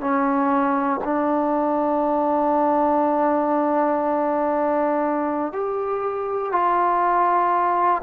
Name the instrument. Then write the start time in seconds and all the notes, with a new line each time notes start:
trombone
0.00 C#4
1.04 D4
5.52 G4
6.52 F4